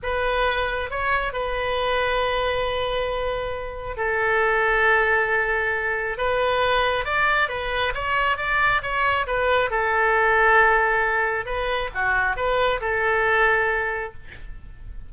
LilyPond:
\new Staff \with { instrumentName = "oboe" } { \time 4/4 \tempo 4 = 136 b'2 cis''4 b'4~ | b'1~ | b'4 a'2.~ | a'2 b'2 |
d''4 b'4 cis''4 d''4 | cis''4 b'4 a'2~ | a'2 b'4 fis'4 | b'4 a'2. | }